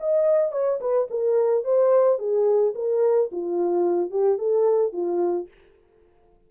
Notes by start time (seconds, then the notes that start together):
0.00 D#5
0.52 C#5
0.81 B4
1.10 A#4
1.64 C5
2.19 G#4
2.75 A#4
3.32 F4
4.11 G4
4.38 A4
4.93 F4